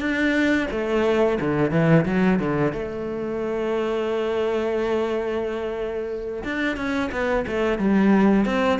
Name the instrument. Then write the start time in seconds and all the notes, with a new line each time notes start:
cello
0.00 D4
0.71 A3
1.40 D3
1.71 E3
2.06 F#3
2.40 D3
2.73 A3
6.44 D4
6.77 C#4
7.12 B3
7.47 A3
7.79 G3
8.46 C4